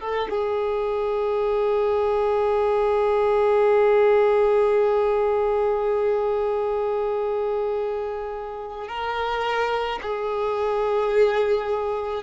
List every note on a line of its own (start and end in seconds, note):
0.00 0.28 A4
0.30 8.88 G#4
8.88 9.99 A#4
10.02 12.23 G#4